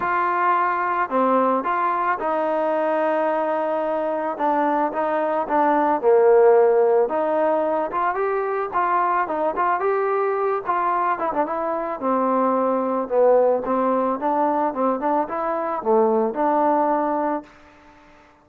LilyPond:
\new Staff \with { instrumentName = "trombone" } { \time 4/4 \tempo 4 = 110 f'2 c'4 f'4 | dis'1 | d'4 dis'4 d'4 ais4~ | ais4 dis'4. f'8 g'4 |
f'4 dis'8 f'8 g'4. f'8~ | f'8 e'16 d'16 e'4 c'2 | b4 c'4 d'4 c'8 d'8 | e'4 a4 d'2 | }